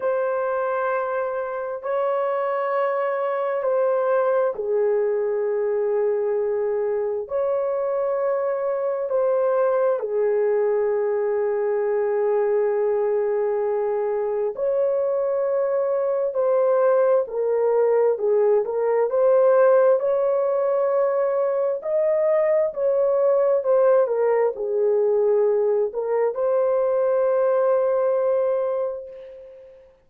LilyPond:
\new Staff \with { instrumentName = "horn" } { \time 4/4 \tempo 4 = 66 c''2 cis''2 | c''4 gis'2. | cis''2 c''4 gis'4~ | gis'1 |
cis''2 c''4 ais'4 | gis'8 ais'8 c''4 cis''2 | dis''4 cis''4 c''8 ais'8 gis'4~ | gis'8 ais'8 c''2. | }